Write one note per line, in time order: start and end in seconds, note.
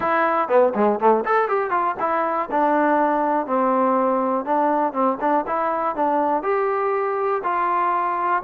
0.00 0.48 E4
0.48 0.73 B3
0.74 0.99 G#3
0.99 1.24 A3
1.25 1.48 A4
1.48 1.70 G4
1.70 1.95 F4
1.99 2.49 E4
2.51 3.46 D4
3.46 4.45 C4
4.45 4.92 D4
4.92 5.17 C4
5.20 5.45 D4
5.47 5.95 E4
5.95 6.42 D4
6.42 7.41 G4
7.43 8.43 F4